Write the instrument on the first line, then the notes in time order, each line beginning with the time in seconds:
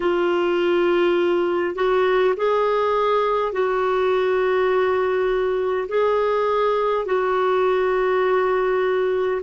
clarinet
0.00 F4
1.75 F#4
2.36 G#4
3.52 F#4
5.88 G#4
7.05 F#4